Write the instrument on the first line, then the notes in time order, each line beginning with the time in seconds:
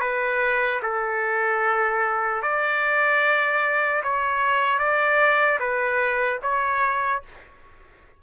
trumpet
0.00 B4
0.82 A4
2.42 D5
4.03 C#5
4.79 D5
5.59 B4
6.42 C#5